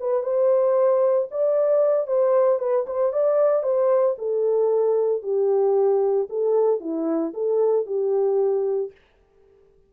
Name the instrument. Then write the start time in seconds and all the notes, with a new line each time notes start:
horn
0.00 B4
0.23 C5
1.31 D5
2.07 C5
2.59 B4
2.87 C5
3.13 D5
3.63 C5
4.18 A4
5.23 G4
6.30 A4
6.80 E4
7.34 A4
7.86 G4